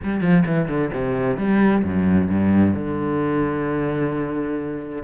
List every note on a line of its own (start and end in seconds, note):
0.03 0.20 G3
0.20 0.43 F3
0.45 0.68 E3
0.68 0.91 D3
0.93 1.37 C3
1.37 1.83 G3
1.83 2.29 F#2
2.29 2.74 G2
2.74 5.03 D3